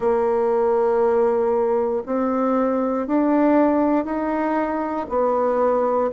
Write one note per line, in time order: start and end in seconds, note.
0.00 2.02 A#3
2.06 3.07 C4
3.07 4.04 D4
4.04 5.06 D#4
5.08 6.10 B3